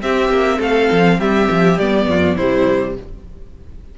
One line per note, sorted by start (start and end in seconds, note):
0.00 1.76 C4
0.00 0.29 C4
0.00 0.58 G4
0.00 0.60 E5
0.29 0.58 A#3
0.58 0.89 A3
0.58 1.17 A4
0.58 1.20 F5
0.91 1.19 F3
1.18 1.48 G3
1.18 2.06 G4
1.18 1.78 E5
1.50 1.79 F3
1.78 2.07 G3
1.78 2.39 B3
1.78 2.37 D5
2.07 2.36 F2
2.07 2.35 F4
2.35 2.96 C3
2.35 2.97 G3
2.35 2.94 E4
2.35 2.95 C5